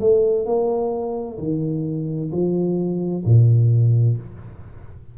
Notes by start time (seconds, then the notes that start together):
0.00 A3
0.46 A#3
1.38 D#3
2.32 F3
3.25 A#2